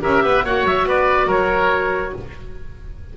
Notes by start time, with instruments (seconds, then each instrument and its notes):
0.00 double bass C#4, clarinet G4, oboe A#4 E5
0.23 double bass B3, oboe B4
0.44 double bass A#3, clarinet F#4, oboe C#5 F#5
0.64 double bass F#3, oboe E5
0.85 double bass B3, oboe B4 D5
1.27 double bass F#3, oboe A#4 C#5